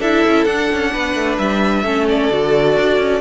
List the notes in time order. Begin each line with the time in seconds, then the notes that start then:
0.00 D4 E4 A4 E5
0.28 C#4
0.45 D4 F#5
0.73 C#4
0.93 B3 B4
1.15 A3
1.38 G3 E5
1.84 A3 C#4 A4
2.09 D5
2.31 D3 F#4
2.77 D4
2.98 C#4